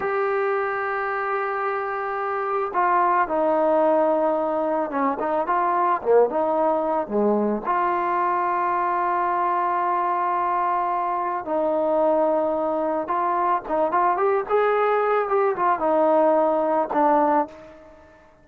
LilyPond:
\new Staff \with { instrumentName = "trombone" } { \time 4/4 \tempo 4 = 110 g'1~ | g'4 f'4 dis'2~ | dis'4 cis'8 dis'8 f'4 ais8 dis'8~ | dis'4 gis4 f'2~ |
f'1~ | f'4 dis'2. | f'4 dis'8 f'8 g'8 gis'4. | g'8 f'8 dis'2 d'4 | }